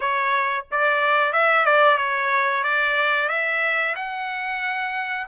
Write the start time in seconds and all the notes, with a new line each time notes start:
0.00 C#5
0.71 D5
1.32 E5
1.65 D5
1.98 C#5
2.63 D5
3.28 E5
3.95 F#5